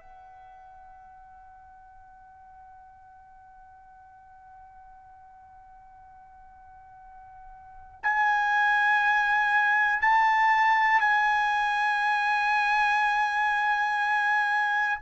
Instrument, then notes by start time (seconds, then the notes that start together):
trumpet
0.00 F#5
8.03 G#5
10.01 A5
11.00 G#5